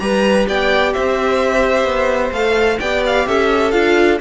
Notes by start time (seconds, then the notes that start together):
0.00 G3 G4 B4 A#5
0.48 B3 D5 G5
0.93 C4 C5 E5
1.84 B3
2.32 A3 A4 F5
2.80 B3 G4 D5 G5
3.06 F5
3.27 C#4 A4 E5
3.72 D4 F4 F5